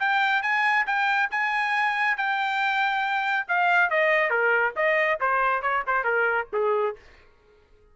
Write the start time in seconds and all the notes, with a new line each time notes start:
0.00 G5
0.43 G#5
0.87 G5
1.31 G#5
2.17 G5
3.48 F5
3.90 D#5
4.30 A#4
4.76 D#5
5.21 C5
5.63 C#5
5.87 C5
6.05 A#4
6.53 G#4